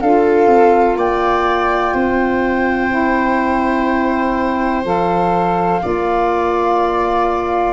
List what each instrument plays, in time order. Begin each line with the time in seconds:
0.00 tuba D4, saxophone F4, viola A4, flute F5
0.46 tuba C4
0.96 tuba A#3, viola D5, flute G5
1.94 tuba C4, viola C5
2.89 saxophone E4
4.84 tuba F3, saxophone A4, flute F5
5.80 tuba A#3, saxophone F4, viola D5